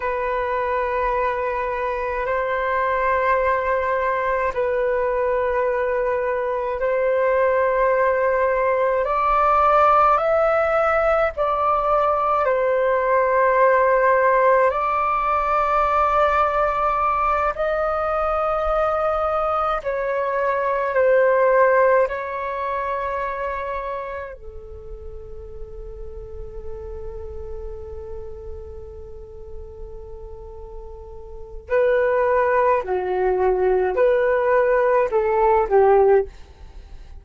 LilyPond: \new Staff \with { instrumentName = "flute" } { \time 4/4 \tempo 4 = 53 b'2 c''2 | b'2 c''2 | d''4 e''4 d''4 c''4~ | c''4 d''2~ d''8 dis''8~ |
dis''4. cis''4 c''4 cis''8~ | cis''4. a'2~ a'8~ | a'1 | b'4 fis'4 b'4 a'8 g'8 | }